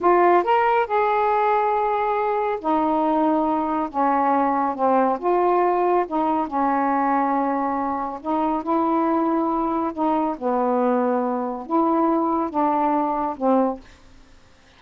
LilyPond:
\new Staff \with { instrumentName = "saxophone" } { \time 4/4 \tempo 4 = 139 f'4 ais'4 gis'2~ | gis'2 dis'2~ | dis'4 cis'2 c'4 | f'2 dis'4 cis'4~ |
cis'2. dis'4 | e'2. dis'4 | b2. e'4~ | e'4 d'2 c'4 | }